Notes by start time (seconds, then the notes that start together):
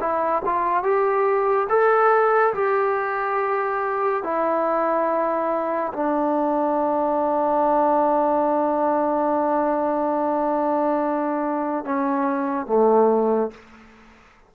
0.00 E4
0.45 F4
0.83 G4
1.69 A4
2.54 G4
4.23 E4
5.93 D4
11.85 C#4
12.66 A3